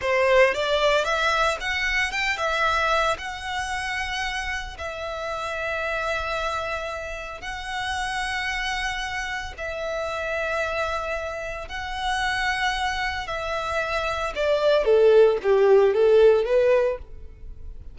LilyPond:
\new Staff \with { instrumentName = "violin" } { \time 4/4 \tempo 4 = 113 c''4 d''4 e''4 fis''4 | g''8 e''4. fis''2~ | fis''4 e''2.~ | e''2 fis''2~ |
fis''2 e''2~ | e''2 fis''2~ | fis''4 e''2 d''4 | a'4 g'4 a'4 b'4 | }